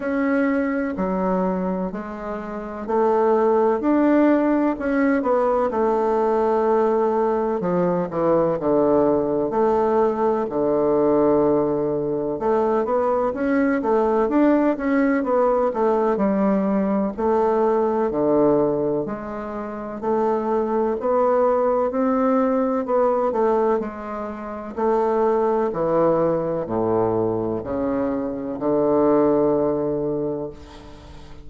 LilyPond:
\new Staff \with { instrumentName = "bassoon" } { \time 4/4 \tempo 4 = 63 cis'4 fis4 gis4 a4 | d'4 cis'8 b8 a2 | f8 e8 d4 a4 d4~ | d4 a8 b8 cis'8 a8 d'8 cis'8 |
b8 a8 g4 a4 d4 | gis4 a4 b4 c'4 | b8 a8 gis4 a4 e4 | a,4 cis4 d2 | }